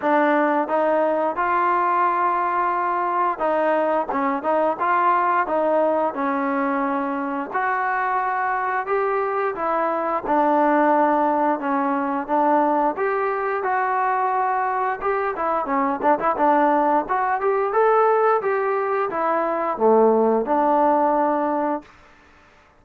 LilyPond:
\new Staff \with { instrumentName = "trombone" } { \time 4/4 \tempo 4 = 88 d'4 dis'4 f'2~ | f'4 dis'4 cis'8 dis'8 f'4 | dis'4 cis'2 fis'4~ | fis'4 g'4 e'4 d'4~ |
d'4 cis'4 d'4 g'4 | fis'2 g'8 e'8 cis'8 d'16 e'16 | d'4 fis'8 g'8 a'4 g'4 | e'4 a4 d'2 | }